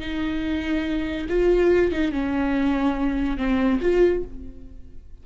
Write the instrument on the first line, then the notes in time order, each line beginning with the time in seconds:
viola
0.00 D#4
1.29 F4
1.92 D#4
2.12 C#4
3.37 C4
3.81 F4